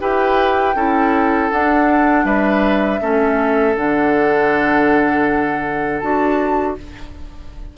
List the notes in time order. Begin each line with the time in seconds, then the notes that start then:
0.00 E4 G4 B4 G5
0.75 C#4 E4 A4
1.51 D4 F#5
2.25 G3 B4 E5
3.01 A3 C#4 A4
3.76 D3 D4 F#5
6.00 D4 F#4 A5